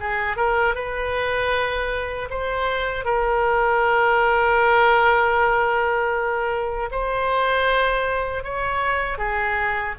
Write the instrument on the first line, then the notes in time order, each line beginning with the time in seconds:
oboe
0.00 G#4
0.37 A#4
0.75 B4
2.30 C5
3.05 A#4
6.92 C5
8.44 C#5
9.18 G#4